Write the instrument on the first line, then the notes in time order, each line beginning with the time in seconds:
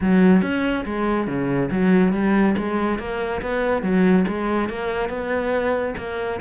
cello
0.01 F#3
0.42 C#4
0.85 G#3
1.27 C#3
1.71 F#3
2.13 G3
2.57 G#3
2.99 A#3
3.42 B3
3.82 F#3
4.27 G#3
4.69 A#3
5.09 B3
5.97 A#3